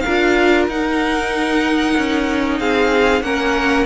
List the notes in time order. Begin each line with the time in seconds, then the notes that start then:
0.00 A#4 F5
0.07 D4 F4
0.68 D#4 F#5
1.97 C#4
2.59 C4 G#4 F5
3.21 A#3 C#4 A#4 F#5